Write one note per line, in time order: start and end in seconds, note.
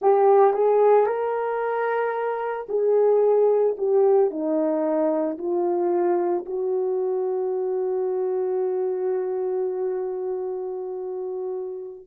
0.01 0.53 G4
0.53 1.06 G#4
1.06 2.66 A#4
2.68 3.75 G#4
3.77 4.30 G4
4.30 5.37 D#4
5.38 6.45 F4
6.45 12.06 F#4